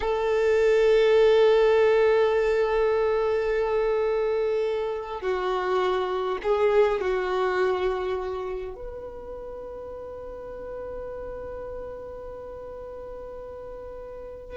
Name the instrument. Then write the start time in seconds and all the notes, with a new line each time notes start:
violin
0.00 A4
5.21 F#4
6.42 G#4
7.00 F#4
8.75 B4